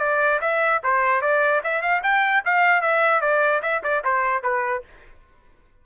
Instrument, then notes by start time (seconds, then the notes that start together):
trumpet
0.00 D5
0.42 E5
0.84 C5
1.22 D5
1.64 E5
1.82 F5
2.04 G5
2.45 F5
2.82 E5
3.22 D5
3.63 E5
3.84 D5
4.05 C5
4.43 B4